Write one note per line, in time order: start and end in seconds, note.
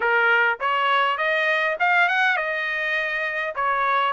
0.00 0.58 A#4
0.59 1.17 C#5
1.17 1.76 D#5
1.79 2.08 F5
2.08 2.36 F#5
2.36 3.54 D#5
3.55 4.12 C#5